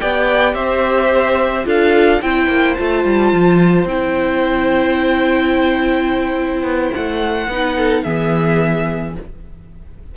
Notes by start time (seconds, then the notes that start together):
0.00 B3 G4 D5 G5
0.54 C4 C5 E5
1.65 D4 F4 A4 F5
2.22 C4 E4 C5 G5
2.47 A#3
2.75 A3 F4 A5
3.05 G3
3.32 F3
3.85 C4 E4 G5
6.62 B3
6.94 A3 F#5
7.48 B3 D#4 B4
7.77 A4
8.03 E3 B3 G#4 E5